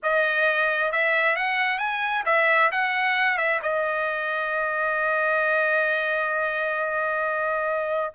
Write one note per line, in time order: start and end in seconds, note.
0.02 0.91 D#5
0.91 1.36 E5
1.36 1.78 F#5
1.78 2.23 G#5
2.25 2.70 E5
2.71 3.37 F#5
3.37 3.60 E5
3.62 8.13 D#5